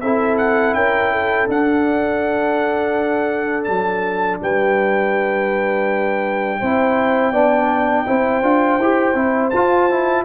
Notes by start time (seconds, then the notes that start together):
0.00 C4 E4 A4 E5
0.37 F#5
0.73 C#4 A#4 G5
1.12 A4
1.48 D4 F#5
3.64 F#3 A5
4.42 G3 B4 G5
6.59 C4 E4 C5
7.31 B3 D4 D5
8.06 C4 E4 C5
8.42 D4 F4
8.78 E4 G4
9.14 C4 E4
9.50 F4 A5
9.90 E4